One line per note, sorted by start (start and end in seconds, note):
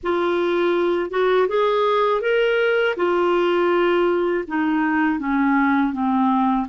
0.03 1.10 F4
1.10 1.47 F#4
1.48 2.21 G#4
2.21 2.95 A#4
2.96 4.44 F4
4.47 5.19 D#4
5.19 5.93 C#4
5.93 6.67 C4